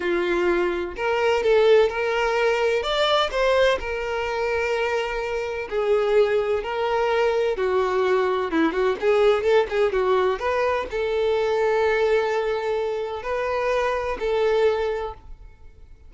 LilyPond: \new Staff \with { instrumentName = "violin" } { \time 4/4 \tempo 4 = 127 f'2 ais'4 a'4 | ais'2 d''4 c''4 | ais'1 | gis'2 ais'2 |
fis'2 e'8 fis'8 gis'4 | a'8 gis'8 fis'4 b'4 a'4~ | a'1 | b'2 a'2 | }